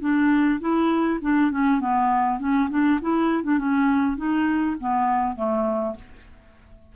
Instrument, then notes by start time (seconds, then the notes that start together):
clarinet
0.00 D4
0.60 E4
1.21 D4
1.51 C#4
1.80 B3
2.39 C#4
2.69 D4
3.01 E4
3.43 D4
3.58 C#4
4.16 D#4
4.80 B3
5.35 A3